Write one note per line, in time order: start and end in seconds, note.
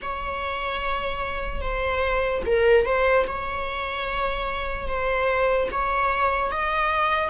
0.01 1.61 C#5
1.61 2.42 C5
2.45 2.85 A#4
2.85 3.26 C5
3.27 4.88 C#5
4.88 5.69 C5
5.71 6.51 C#5
6.51 7.29 D#5